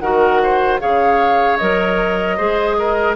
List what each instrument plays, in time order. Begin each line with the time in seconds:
0.00 bassoon D#3, clarinet F#4, oboe A#4, flute F#5
0.43 oboe C5
0.80 bassoon C#3, clarinet G#4, oboe C#5, flute F5
1.58 bassoon F#3, clarinet A#4, flute D#5
2.37 bassoon G#3, clarinet G#4, oboe C5
2.79 oboe A#4